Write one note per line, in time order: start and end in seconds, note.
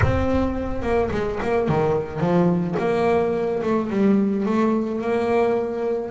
0.02 0.82 C4
0.82 1.09 A#3
1.11 1.39 G#3
1.42 1.68 A#3
1.68 2.19 D#3
2.19 2.75 F3
2.78 3.62 A#3
3.62 3.89 A3
3.89 4.45 G3
4.45 5.01 A3
5.01 6.10 A#3